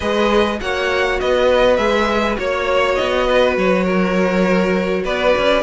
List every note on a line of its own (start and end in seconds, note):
0.00 0.60 G#3
0.00 0.60 G#4
0.00 0.59 B4
0.00 0.59 D#5
0.61 1.21 A#3
0.61 1.78 F#4
0.61 1.20 C#5
0.61 1.19 F#5
1.19 1.77 B3
1.19 2.38 B4
1.19 1.76 D#5
1.76 2.37 G#3
1.76 2.35 G#4
1.76 2.36 E5
2.35 2.98 A#3
2.35 5.62 F#4
2.35 3.26 C#5
2.35 2.95 C#5
2.95 3.57 B3
2.95 3.54 D#5
3.26 3.83 B4
3.57 5.04 F#3
3.57 5.05 C#5
3.83 5.02 A#4
5.04 5.34 B3
5.04 5.63 B4
5.04 5.63 D5
5.38 5.63 C#4